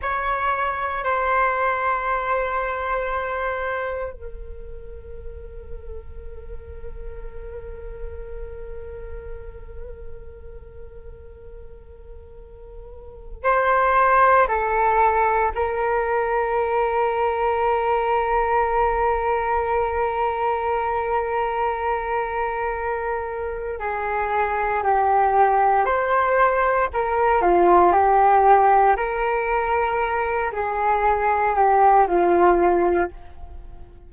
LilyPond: \new Staff \with { instrumentName = "flute" } { \time 4/4 \tempo 4 = 58 cis''4 c''2. | ais'1~ | ais'1~ | ais'4 c''4 a'4 ais'4~ |
ais'1~ | ais'2. gis'4 | g'4 c''4 ais'8 f'8 g'4 | ais'4. gis'4 g'8 f'4 | }